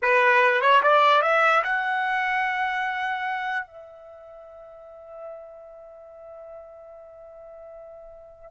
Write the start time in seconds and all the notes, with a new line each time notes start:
0.02 B4
0.61 C#5
0.82 D5
1.22 E5
1.63 F#5
3.66 E5